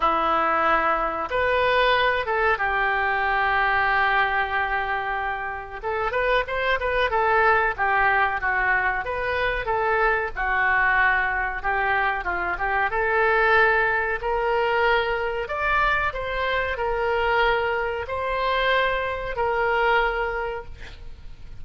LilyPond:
\new Staff \with { instrumentName = "oboe" } { \time 4/4 \tempo 4 = 93 e'2 b'4. a'8 | g'1~ | g'4 a'8 b'8 c''8 b'8 a'4 | g'4 fis'4 b'4 a'4 |
fis'2 g'4 f'8 g'8 | a'2 ais'2 | d''4 c''4 ais'2 | c''2 ais'2 | }